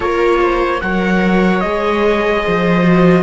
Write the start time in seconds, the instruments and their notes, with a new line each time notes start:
0.00 cello A#3, viola F4 A#4, trumpet C#5
0.41 viola C5
0.80 cello F#3, viola A#4 C#5, trumpet F#5
1.60 cello G#3, viola G#4, trumpet D#5
2.43 cello F3, viola C5
2.82 viola F#4